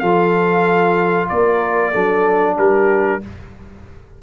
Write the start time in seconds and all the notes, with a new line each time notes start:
0.00 F3 F4 A4 F5
1.29 A#3 A#4 D5
1.91 F#3 D4 A4
2.58 G3 G4 A#4